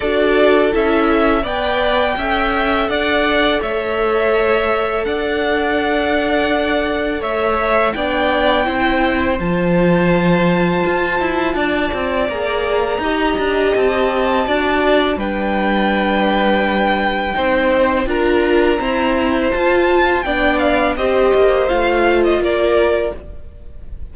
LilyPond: <<
  \new Staff \with { instrumentName = "violin" } { \time 4/4 \tempo 4 = 83 d''4 e''4 g''2 | fis''4 e''2 fis''4~ | fis''2 e''4 g''4~ | g''4 a''2.~ |
a''4 ais''2 a''4~ | a''4 g''2.~ | g''4 ais''2 a''4 | g''8 f''8 dis''4 f''8. dis''16 d''4 | }
  \new Staff \with { instrumentName = "violin" } { \time 4/4 a'2 d''4 e''4 | d''4 cis''2 d''4~ | d''2 cis''4 d''4 | c''1 |
d''2 dis''2 | d''4 b'2. | c''4 ais'4 c''2 | d''4 c''2 ais'4 | }
  \new Staff \with { instrumentName = "viola" } { \time 4/4 fis'4 e'4 b'4 a'4~ | a'1~ | a'2. d'4 | e'4 f'2.~ |
f'4 gis'4 g'2 | fis'4 d'2. | dis'4 f'4 c'4 f'4 | d'4 g'4 f'2 | }
  \new Staff \with { instrumentName = "cello" } { \time 4/4 d'4 cis'4 b4 cis'4 | d'4 a2 d'4~ | d'2 a4 b4 | c'4 f2 f'8 e'8 |
d'8 c'8 ais4 dis'8 d'8 c'4 | d'4 g2. | c'4 d'4 e'4 f'4 | b4 c'8 ais8 a4 ais4 | }
>>